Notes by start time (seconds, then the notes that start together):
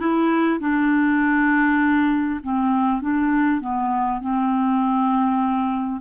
0.00 E4
0.61 D4
2.43 C4
3.02 D4
3.61 B3
4.21 C4